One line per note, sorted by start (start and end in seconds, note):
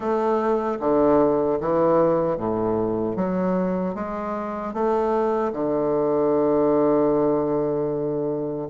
0.00 0.78 A3
0.80 1.59 D3
1.60 2.37 E3
2.37 3.15 A2
3.15 3.94 F#3
3.94 4.73 G#3
4.73 5.52 A3
5.53 8.68 D3